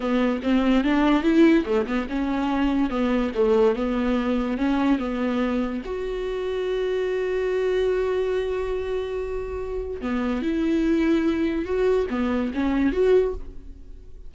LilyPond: \new Staff \with { instrumentName = "viola" } { \time 4/4 \tempo 4 = 144 b4 c'4 d'4 e'4 | a8 b8 cis'2 b4 | a4 b2 cis'4 | b2 fis'2~ |
fis'1~ | fis'1 | b4 e'2. | fis'4 b4 cis'4 fis'4 | }